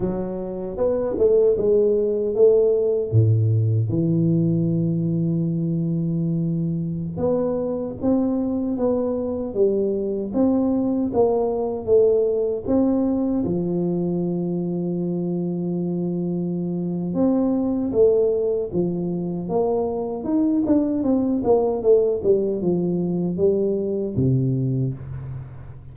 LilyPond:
\new Staff \with { instrumentName = "tuba" } { \time 4/4 \tempo 4 = 77 fis4 b8 a8 gis4 a4 | a,4 e2.~ | e4~ e16 b4 c'4 b8.~ | b16 g4 c'4 ais4 a8.~ |
a16 c'4 f2~ f8.~ | f2 c'4 a4 | f4 ais4 dis'8 d'8 c'8 ais8 | a8 g8 f4 g4 c4 | }